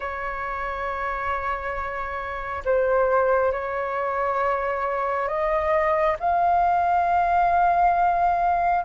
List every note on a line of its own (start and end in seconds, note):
0.00 2.63 C#5
2.65 3.52 C5
3.52 5.28 C#5
5.28 6.16 D#5
6.19 8.84 F5